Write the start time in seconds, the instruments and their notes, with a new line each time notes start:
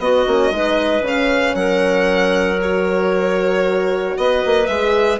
0.00 bassoon B3, horn B3, clarinet F#4, violin D#5
0.26 bassoon A#3, horn C#4
0.51 bassoon G#3, horn D#4, clarinet B4
1.02 bassoon C#3, horn C#4, violin F5
1.55 bassoon F#3, clarinet A#4, violin F#5
2.61 horn F#4, violin C#5
4.18 bassoon B3, clarinet B4, violin D#5
4.46 bassoon A#3
4.67 bassoon G#3, horn G#4, violin E5